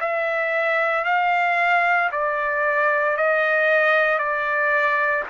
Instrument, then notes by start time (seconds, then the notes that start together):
trumpet
0.00 E5
1.04 F5
2.11 D5
3.17 D#5
4.18 D5